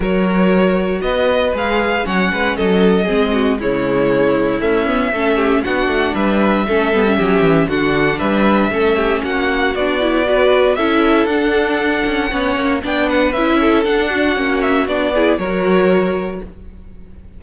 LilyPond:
<<
  \new Staff \with { instrumentName = "violin" } { \time 4/4 \tempo 4 = 117 cis''2 dis''4 f''4 | fis''4 dis''2 cis''4~ | cis''4 e''2 fis''4 | e''2. fis''4 |
e''2 fis''4 d''4~ | d''4 e''4 fis''2~ | fis''4 g''8 fis''8 e''4 fis''4~ | fis''8 e''8 d''4 cis''2 | }
  \new Staff \with { instrumentName = "violin" } { \time 4/4 ais'2 b'2 | cis''8 b'8 a'4 gis'8 fis'8 e'4~ | e'2 a'8 g'8 fis'4 | b'4 a'4 g'4 fis'4 |
b'4 a'8 g'8 fis'2 | b'4 a'2. | cis''4 d''8 b'4 a'4 fis'8~ | fis'4. gis'8 ais'2 | }
  \new Staff \with { instrumentName = "viola" } { \time 4/4 fis'2. gis'4 | cis'2 c'4 gis4~ | gis4 a8 b8 cis'4 d'4~ | d'4 cis'8 b16 cis'4~ cis'16 d'4~ |
d'4 cis'2 d'8 e'8 | fis'4 e'4 d'2 | cis'4 d'4 e'4 d'4 | cis'4 d'8 e'8 fis'2 | }
  \new Staff \with { instrumentName = "cello" } { \time 4/4 fis2 b4 gis4 | fis8 gis8 fis4 gis4 cis4~ | cis4 cis'4 a4 b8 a8 | g4 a8 g8 fis8 e8 d4 |
g4 a4 ais4 b4~ | b4 cis'4 d'4. cis'8 | b8 ais8 b4 cis'4 d'4 | ais4 b4 fis2 | }
>>